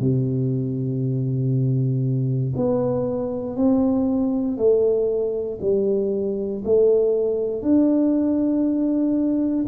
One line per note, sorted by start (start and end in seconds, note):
0.00 2.54 C3
2.57 3.56 B3
3.56 4.58 C4
4.58 5.59 A3
5.62 6.63 G3
6.65 7.62 A3
7.62 9.66 D4